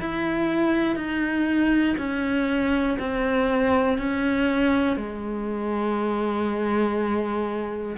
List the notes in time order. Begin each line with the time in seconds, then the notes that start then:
0.00 E4
0.96 D#4
1.98 C#4
2.99 C4
3.98 C#4
4.96 G#3